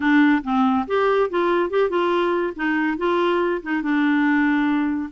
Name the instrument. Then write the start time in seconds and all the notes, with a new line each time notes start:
clarinet
0.00 D4
0.43 C4
0.87 G4
1.30 F4
1.70 G4
1.89 F4
2.56 D#4
2.97 F4
3.62 D#4
3.82 D4